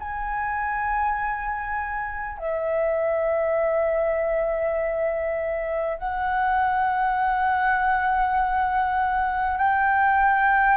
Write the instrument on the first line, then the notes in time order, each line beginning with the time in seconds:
flute
0.00 G#5
2.38 E5
5.99 F#5
9.58 G5